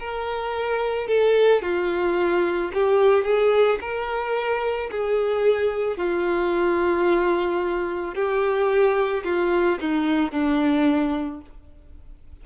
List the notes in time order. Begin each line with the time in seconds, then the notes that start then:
0.00 A#4
1.08 A4
1.62 F4
2.74 G4
3.24 G#4
3.81 A#4
4.91 G#4
5.98 F4
8.15 G4
9.24 F4
9.80 D#4
10.32 D4